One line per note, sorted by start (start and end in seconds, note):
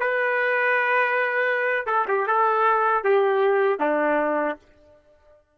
0.00 1.87 B4
1.87 2.06 A4
2.08 2.27 G4
2.27 3.04 A4
3.04 3.80 G4
3.80 4.57 D4